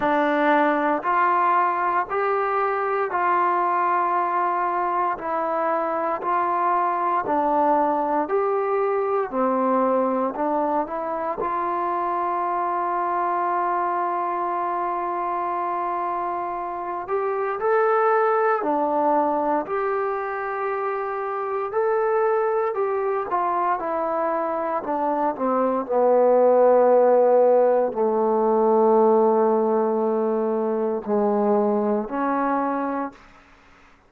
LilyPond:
\new Staff \with { instrumentName = "trombone" } { \time 4/4 \tempo 4 = 58 d'4 f'4 g'4 f'4~ | f'4 e'4 f'4 d'4 | g'4 c'4 d'8 e'8 f'4~ | f'1~ |
f'8 g'8 a'4 d'4 g'4~ | g'4 a'4 g'8 f'8 e'4 | d'8 c'8 b2 a4~ | a2 gis4 cis'4 | }